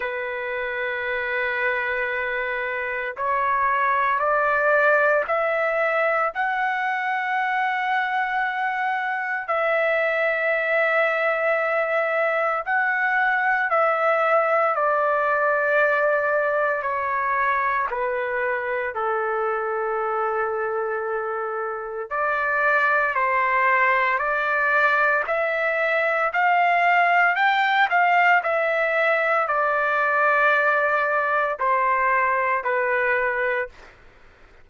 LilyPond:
\new Staff \with { instrumentName = "trumpet" } { \time 4/4 \tempo 4 = 57 b'2. cis''4 | d''4 e''4 fis''2~ | fis''4 e''2. | fis''4 e''4 d''2 |
cis''4 b'4 a'2~ | a'4 d''4 c''4 d''4 | e''4 f''4 g''8 f''8 e''4 | d''2 c''4 b'4 | }